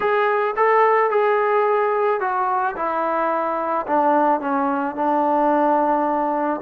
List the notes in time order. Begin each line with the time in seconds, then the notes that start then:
0.00 G#4
0.56 A4
1.10 G#4
2.20 F#4
2.75 E4
3.86 D4
4.40 C#4
4.95 D4